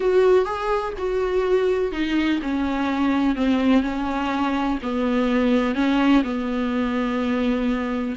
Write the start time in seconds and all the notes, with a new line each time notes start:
0.00 F#4
0.45 G#4
0.98 F#4
1.91 D#4
2.42 C#4
3.35 C4
3.82 C#4
4.82 B3
5.74 C#4
6.23 B3